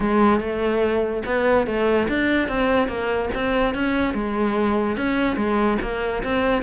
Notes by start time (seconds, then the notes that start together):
0.00 G#3
0.39 A3
1.25 B3
1.66 A3
2.08 D4
2.48 C4
2.87 A#3
3.34 C4
3.74 C#4
4.14 G#3
4.96 C#4
5.36 G#3
5.81 A#3
6.23 C4